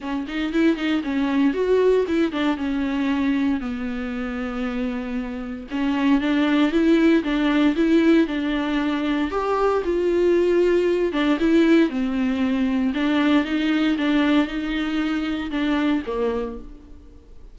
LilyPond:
\new Staff \with { instrumentName = "viola" } { \time 4/4 \tempo 4 = 116 cis'8 dis'8 e'8 dis'8 cis'4 fis'4 | e'8 d'8 cis'2 b4~ | b2. cis'4 | d'4 e'4 d'4 e'4 |
d'2 g'4 f'4~ | f'4. d'8 e'4 c'4~ | c'4 d'4 dis'4 d'4 | dis'2 d'4 ais4 | }